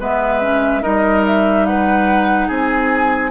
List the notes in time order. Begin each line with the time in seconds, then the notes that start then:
0.00 G#3 B3 B4 E5
0.42 C#4
0.82 G3 D#4 A#4 D#5
1.27 E5
1.66 B4 F#5
2.48 C4 G#4 G#5